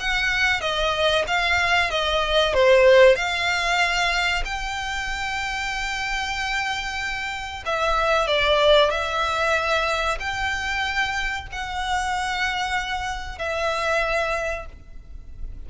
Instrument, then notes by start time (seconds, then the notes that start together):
violin
0.00 F#5
0.61 D#5
1.27 F5
1.91 D#5
2.54 C5
3.16 F5
4.45 G5
7.66 E5
8.27 D5
8.91 E5
10.20 G5
11.52 F#5
13.39 E5